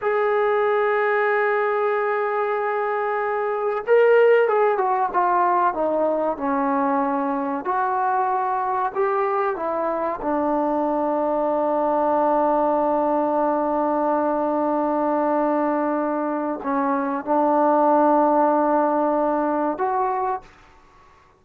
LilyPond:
\new Staff \with { instrumentName = "trombone" } { \time 4/4 \tempo 4 = 94 gis'1~ | gis'2 ais'4 gis'8 fis'8 | f'4 dis'4 cis'2 | fis'2 g'4 e'4 |
d'1~ | d'1~ | d'2 cis'4 d'4~ | d'2. fis'4 | }